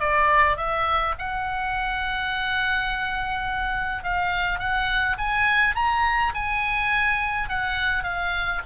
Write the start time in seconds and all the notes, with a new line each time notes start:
0.00 D5
0.57 E5
1.19 F#5
4.04 F5
4.60 F#5
5.19 G#5
5.76 A#5
6.35 G#5
7.49 F#5
8.04 F5